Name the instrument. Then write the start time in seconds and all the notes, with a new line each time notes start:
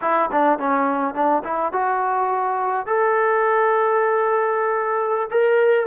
trombone
0.01 E4
0.31 D4
0.58 C#4
1.14 D4
1.44 E4
1.72 F#4
2.86 A4
5.30 A#4